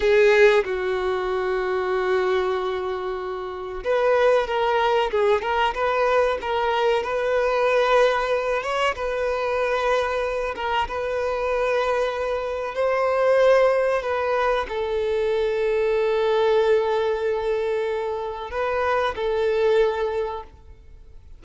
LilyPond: \new Staff \with { instrumentName = "violin" } { \time 4/4 \tempo 4 = 94 gis'4 fis'2.~ | fis'2 b'4 ais'4 | gis'8 ais'8 b'4 ais'4 b'4~ | b'4. cis''8 b'2~ |
b'8 ais'8 b'2. | c''2 b'4 a'4~ | a'1~ | a'4 b'4 a'2 | }